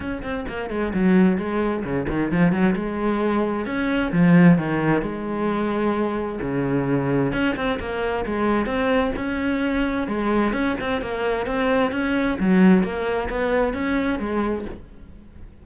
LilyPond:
\new Staff \with { instrumentName = "cello" } { \time 4/4 \tempo 4 = 131 cis'8 c'8 ais8 gis8 fis4 gis4 | cis8 dis8 f8 fis8 gis2 | cis'4 f4 dis4 gis4~ | gis2 cis2 |
cis'8 c'8 ais4 gis4 c'4 | cis'2 gis4 cis'8 c'8 | ais4 c'4 cis'4 fis4 | ais4 b4 cis'4 gis4 | }